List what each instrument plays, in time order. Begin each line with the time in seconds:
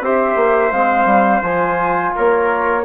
0.00 bassoon C4, trombone G4, trumpet C5, flute E5
0.35 bassoon A#3
0.71 bassoon G#3, trombone C4, flute F5
1.05 bassoon G3
1.42 bassoon F3, trombone F4, flute G#5
2.15 bassoon A#3, trumpet A#4, flute C#5